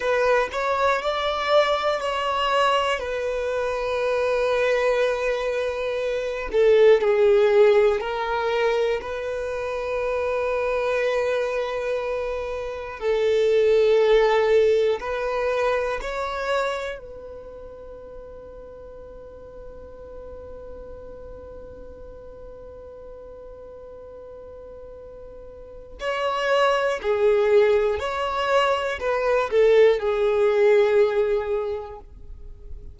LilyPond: \new Staff \with { instrumentName = "violin" } { \time 4/4 \tempo 4 = 60 b'8 cis''8 d''4 cis''4 b'4~ | b'2~ b'8 a'8 gis'4 | ais'4 b'2.~ | b'4 a'2 b'4 |
cis''4 b'2.~ | b'1~ | b'2 cis''4 gis'4 | cis''4 b'8 a'8 gis'2 | }